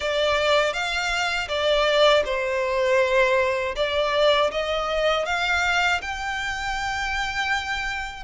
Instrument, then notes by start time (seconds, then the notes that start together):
violin
0.00 D5
0.73 F5
1.48 D5
2.25 C5
3.75 D5
4.51 D#5
5.25 F5
6.01 G5